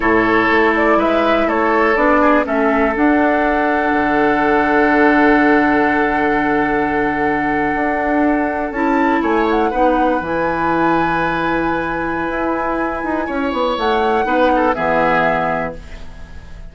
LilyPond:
<<
  \new Staff \with { instrumentName = "flute" } { \time 4/4 \tempo 4 = 122 cis''4. d''8 e''4 cis''4 | d''4 e''4 fis''2~ | fis''1~ | fis''1~ |
fis''4.~ fis''16 a''4 gis''8 fis''8.~ | fis''8. gis''2.~ gis''16~ | gis''1 | fis''2 e''2 | }
  \new Staff \with { instrumentName = "oboe" } { \time 4/4 a'2 b'4 a'4~ | a'8 gis'8 a'2.~ | a'1~ | a'1~ |
a'2~ a'8. cis''4 b'16~ | b'1~ | b'2. cis''4~ | cis''4 b'8 a'8 gis'2 | }
  \new Staff \with { instrumentName = "clarinet" } { \time 4/4 e'1 | d'4 cis'4 d'2~ | d'1~ | d'1~ |
d'4.~ d'16 e'2 dis'16~ | dis'8. e'2.~ e'16~ | e'1~ | e'4 dis'4 b2 | }
  \new Staff \with { instrumentName = "bassoon" } { \time 4/4 a,4 a4 gis4 a4 | b4 a4 d'2 | d1~ | d2.~ d8. d'16~ |
d'4.~ d'16 cis'4 a4 b16~ | b8. e2.~ e16~ | e4 e'4. dis'8 cis'8 b8 | a4 b4 e2 | }
>>